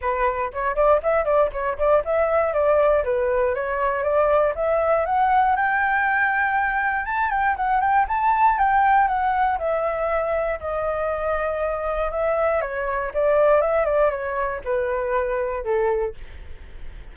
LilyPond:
\new Staff \with { instrumentName = "flute" } { \time 4/4 \tempo 4 = 119 b'4 cis''8 d''8 e''8 d''8 cis''8 d''8 | e''4 d''4 b'4 cis''4 | d''4 e''4 fis''4 g''4~ | g''2 a''8 g''8 fis''8 g''8 |
a''4 g''4 fis''4 e''4~ | e''4 dis''2. | e''4 cis''4 d''4 e''8 d''8 | cis''4 b'2 a'4 | }